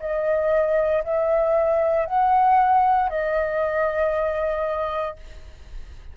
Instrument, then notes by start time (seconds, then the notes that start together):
flute
0.00 D#5
1.04 E5
2.06 F#5
3.10 D#5